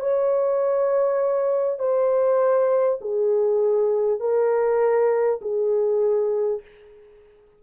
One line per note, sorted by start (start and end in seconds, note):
0.00 1.79 C#5
1.79 2.99 C5
3.01 4.20 G#4
4.20 5.40 A#4
5.42 6.62 G#4